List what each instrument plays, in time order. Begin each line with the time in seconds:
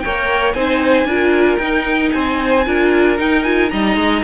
0.00 cello A#3, violin C#5 G5
0.06 viola A#4
0.53 cello C4, viola D#4, violin C5 G#5
1.05 cello D4, viola F4, violin A#4
1.57 cello D#4, viola D#4, violin G5
2.12 cello C4, violin C5 G#5
2.66 cello D4, viola F4, violin A#4
3.18 viola D#4, cello D#4, violin G5
3.44 viola F4, violin G#5
3.70 cello G3, viola D#4, violin D#5 A#5
3.96 cello G#3